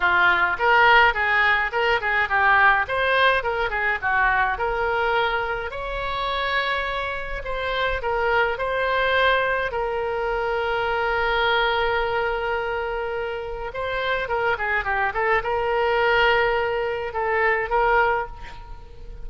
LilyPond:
\new Staff \with { instrumentName = "oboe" } { \time 4/4 \tempo 4 = 105 f'4 ais'4 gis'4 ais'8 gis'8 | g'4 c''4 ais'8 gis'8 fis'4 | ais'2 cis''2~ | cis''4 c''4 ais'4 c''4~ |
c''4 ais'2.~ | ais'1 | c''4 ais'8 gis'8 g'8 a'8 ais'4~ | ais'2 a'4 ais'4 | }